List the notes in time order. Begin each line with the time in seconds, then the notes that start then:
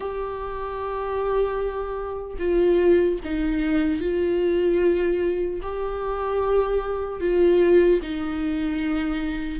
0.00 G4
2.38 F4
3.24 D#4
4.00 F4
5.61 G4
7.20 F4
8.02 D#4